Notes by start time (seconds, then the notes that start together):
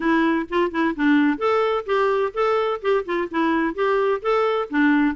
0.00 E4
0.49 F4
0.71 E4
0.96 D4
1.38 A4
1.86 G4
2.34 A4
2.81 G4
3.05 F4
3.30 E4
3.74 G4
4.21 A4
4.69 D4